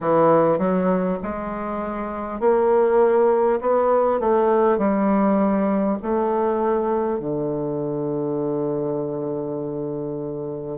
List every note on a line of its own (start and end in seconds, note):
0.00 0.58 E3
0.58 1.18 F#3
1.22 2.39 G#3
2.39 3.59 A#3
3.60 4.19 B3
4.19 4.77 A3
4.77 5.97 G3
6.02 7.19 A3
7.19 10.78 D3